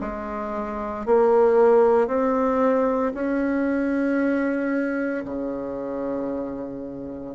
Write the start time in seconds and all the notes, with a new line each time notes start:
0.00 G#3
1.05 A#3
2.07 C4
3.14 C#4
5.24 C#3